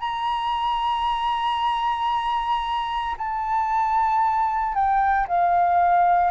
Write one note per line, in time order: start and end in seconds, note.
0.00 3.16 A#5
3.18 4.75 A5
4.75 5.27 G5
5.28 6.31 F5